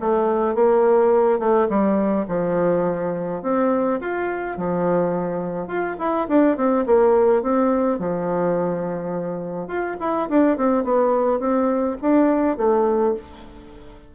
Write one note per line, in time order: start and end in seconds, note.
0.00 0.55 A3
0.55 1.39 A#3
1.39 1.68 A3
1.69 2.26 G3
2.28 3.42 F3
3.43 4.00 C4
4.00 4.57 F4
4.57 5.68 F3
5.68 5.96 F4
5.99 6.27 E4
6.28 6.57 D4
6.57 6.85 C4
6.86 7.42 A#3
7.42 7.99 C4
7.99 9.68 F3
9.68 9.96 F4
10.00 10.29 E4
10.29 10.57 D4
10.57 10.84 C4
10.84 11.40 B3
11.40 11.97 C4
12.02 12.57 D4
12.57 13.15 A3